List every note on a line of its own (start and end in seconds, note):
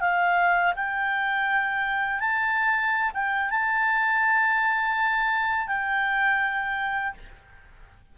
0.00 0.73 F5
0.75 2.20 G5
2.20 3.11 A5
3.13 3.50 G5
3.50 5.67 A5
5.67 7.13 G5